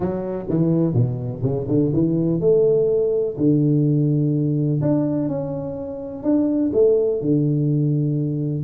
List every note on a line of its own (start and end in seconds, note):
0.00 0.46 F#3
0.49 0.93 E3
0.93 1.41 B2
1.42 1.66 C#3
1.68 1.92 D3
1.93 2.40 E3
2.40 3.36 A3
3.37 4.81 D3
4.81 5.28 D4
5.28 6.23 C#4
6.23 6.71 D4
6.73 7.21 A3
7.21 8.64 D3